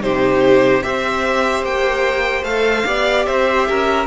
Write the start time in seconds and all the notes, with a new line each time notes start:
0.00 C3 D#4 G4 C5
0.83 C4 G4 C5 E5
1.63 A#3 G5
2.43 A3 A4 F5
2.84 B3 G4 D5
3.25 C4 C5 E5
3.69 C#4 A#4